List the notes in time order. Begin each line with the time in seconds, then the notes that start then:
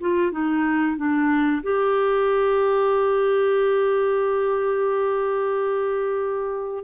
0.00 F4
0.31 D#4
0.96 D4
1.62 G4